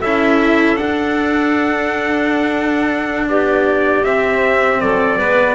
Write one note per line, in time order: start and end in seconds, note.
0.00 0.80 C#4
0.00 0.76 E4
0.00 3.27 A4
0.00 0.77 E5
0.76 4.03 D4
0.76 3.29 D4
0.76 3.27 F#5
3.29 4.04 B3
3.29 4.81 G4
3.29 4.04 D5
4.04 4.81 C4
4.04 5.21 C4
4.04 4.81 E5
4.81 5.19 F#3
4.81 5.18 A4
4.81 5.56 D5
5.18 5.56 G#3
5.18 5.56 B3
5.18 5.56 B4